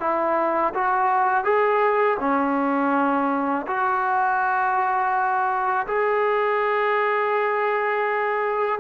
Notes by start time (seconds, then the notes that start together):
0.00 E4
0.75 F#4
1.44 G#4
2.20 C#4
3.67 F#4
5.87 G#4